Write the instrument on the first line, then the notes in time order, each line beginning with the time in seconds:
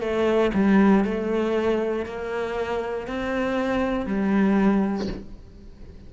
cello
0.00 A3
0.54 G3
1.04 A3
2.05 A#3
3.07 C4
4.06 G3